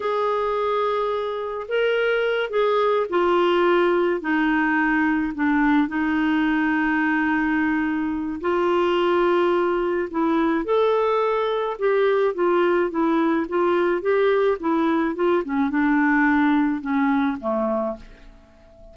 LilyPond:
\new Staff \with { instrumentName = "clarinet" } { \time 4/4 \tempo 4 = 107 gis'2. ais'4~ | ais'8 gis'4 f'2 dis'8~ | dis'4. d'4 dis'4.~ | dis'2. f'4~ |
f'2 e'4 a'4~ | a'4 g'4 f'4 e'4 | f'4 g'4 e'4 f'8 cis'8 | d'2 cis'4 a4 | }